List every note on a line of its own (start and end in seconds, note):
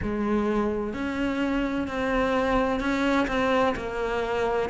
0.02 0.93 G#3
0.93 1.87 C#4
1.87 2.80 C4
2.80 3.26 C#4
3.27 3.74 C4
3.75 4.69 A#3